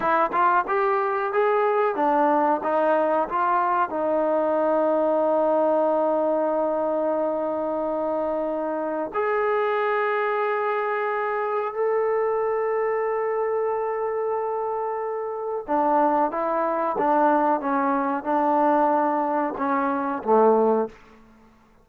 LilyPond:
\new Staff \with { instrumentName = "trombone" } { \time 4/4 \tempo 4 = 92 e'8 f'8 g'4 gis'4 d'4 | dis'4 f'4 dis'2~ | dis'1~ | dis'2 gis'2~ |
gis'2 a'2~ | a'1 | d'4 e'4 d'4 cis'4 | d'2 cis'4 a4 | }